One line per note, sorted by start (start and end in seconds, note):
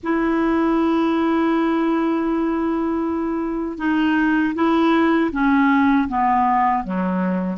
0.03 3.78 E4
3.78 4.54 D#4
4.55 5.31 E4
5.32 6.08 C#4
6.08 6.84 B3
6.84 7.57 F#3